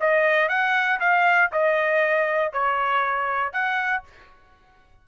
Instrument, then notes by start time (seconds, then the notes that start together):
trumpet
0.00 D#5
0.48 F#5
1.00 F5
1.52 D#5
2.52 C#5
3.52 F#5